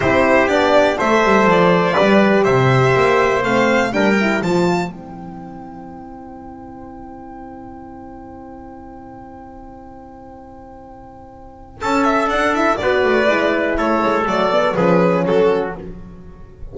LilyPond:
<<
  \new Staff \with { instrumentName = "violin" } { \time 4/4 \tempo 4 = 122 c''4 d''4 e''4 d''4~ | d''4 e''2 f''4 | g''4 a''4 g''2~ | g''1~ |
g''1~ | g''1 | a''8 e''8 fis''8 e''8 d''2 | cis''4 d''4 b'4 a'4 | }
  \new Staff \with { instrumentName = "trumpet" } { \time 4/4 g'2 c''2 | b'4 c''2. | ais'4 c''2.~ | c''1~ |
c''1~ | c''1 | a'2 b'2 | a'2 gis'4 fis'4 | }
  \new Staff \with { instrumentName = "horn" } { \time 4/4 e'4 d'4 a'2 | g'2. c'4 | d'8 e'8 f'4 e'2~ | e'1~ |
e'1~ | e'1~ | e'4 d'8 e'8 fis'4 e'4~ | e'4 a8 b8 cis'2 | }
  \new Staff \with { instrumentName = "double bass" } { \time 4/4 c'4 b4 a8 g8 f4 | g4 c4 ais4 a4 | g4 f4 c'2~ | c'1~ |
c'1~ | c'1 | cis'4 d'4 b8 a8 gis4 | a8 gis8 fis4 f4 fis4 | }
>>